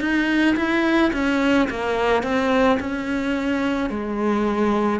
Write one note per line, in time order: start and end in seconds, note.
0.00 0.56 D#4
0.56 1.12 E4
1.13 1.69 C#4
1.70 2.23 A#3
2.23 2.79 C4
2.79 3.90 C#4
3.90 5.00 G#3